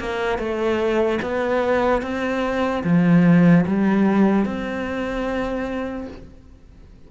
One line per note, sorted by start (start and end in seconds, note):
0.00 0.39 A#3
0.39 1.20 A3
1.23 2.02 B3
2.02 2.83 C4
2.84 3.65 F3
3.67 4.46 G3
4.46 6.08 C4